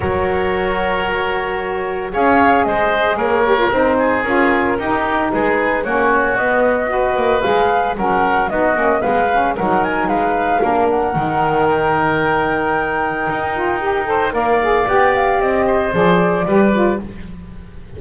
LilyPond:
<<
  \new Staff \with { instrumentName = "flute" } { \time 4/4 \tempo 4 = 113 cis''1 | f''4 dis''4 cis''4 c''4 | ais'2 b'4 cis''4 | dis''2 f''4 fis''4 |
dis''4 f''4 fis''8 gis''8 f''4~ | f''8 fis''4. g''2~ | g''2. f''4 | g''8 f''8 dis''4 d''2 | }
  \new Staff \with { instrumentName = "oboe" } { \time 4/4 ais'1 | cis''4 c''4 ais'4. gis'8~ | gis'4 g'4 gis'4 fis'4~ | fis'4 b'2 ais'4 |
fis'4 b'4 ais'4 b'4 | ais'1~ | ais'2~ ais'8 c''8 d''4~ | d''4. c''4. b'4 | }
  \new Staff \with { instrumentName = "saxophone" } { \time 4/4 fis'1 | gis'2~ gis'8 g'16 f'16 dis'4 | f'4 dis'2 cis'4 | b4 fis'4 gis'4 cis'4 |
dis'8 cis'8 b8 cis'8 dis'2 | d'4 dis'2.~ | dis'4. f'8 g'8 a'8 ais'8 gis'8 | g'2 gis'4 g'8 f'8 | }
  \new Staff \with { instrumentName = "double bass" } { \time 4/4 fis1 | cis'4 gis4 ais4 c'4 | cis'4 dis'4 gis4 ais4 | b4. ais8 gis4 fis4 |
b8 ais8 gis4 fis4 gis4 | ais4 dis2.~ | dis4 dis'2 ais4 | b4 c'4 f4 g4 | }
>>